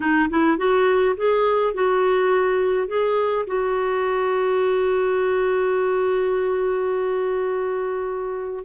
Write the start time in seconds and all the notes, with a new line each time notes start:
0.00 D#4
0.29 E4
0.57 F#4
1.17 G#4
1.73 F#4
2.87 G#4
3.46 F#4